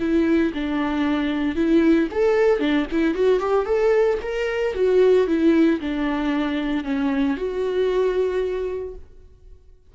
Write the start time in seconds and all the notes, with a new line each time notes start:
0.00 E4
0.55 D4
1.56 E4
2.11 A4
2.60 D4
2.92 E4
3.15 F#4
3.40 G4
3.66 A4
4.22 A#4
4.75 F#4
5.28 E4
5.81 D4
6.84 C#4
7.37 F#4